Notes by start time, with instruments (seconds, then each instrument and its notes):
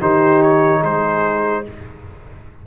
0.00 tuba D#3, trombone D#4, horn G4, trumpet C5
0.42 trumpet C#5
0.80 tuba G#3, horn G#4, trumpet C5